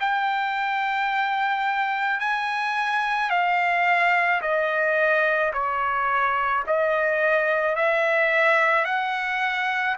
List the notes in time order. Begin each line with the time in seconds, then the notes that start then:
0.00 G5
2.20 G#5
3.30 F5
4.41 D#5
5.53 C#5
6.67 D#5
7.76 E5
8.85 F#5